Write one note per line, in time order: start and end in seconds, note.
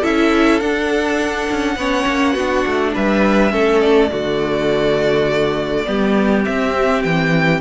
0.00 0.61 C#4
0.00 0.61 E4
0.00 1.75 A4
0.00 0.59 E5
0.59 1.48 D4
0.59 1.78 D4
0.59 2.92 F#5
1.50 1.76 C#4
1.76 2.05 B3
1.76 2.37 C#4
1.76 2.33 C#5
2.06 2.35 A#3
2.33 2.64 B3
2.33 3.50 D4
2.33 2.92 F#4
2.67 2.96 A3
2.94 3.52 G3
2.94 3.52 B4
2.94 3.80 E5
3.50 4.10 A3
3.50 4.08 C#4
3.50 4.10 A4
3.80 6.43 D5
4.11 5.87 D3
4.11 5.85 A3
4.11 5.86 F#4
5.85 6.46 G3
5.85 6.43 B3
5.85 7.60 G4
6.43 7.60 C4
6.43 7.04 C4
6.43 7.03 E5
7.03 7.60 E3
7.03 7.60 G5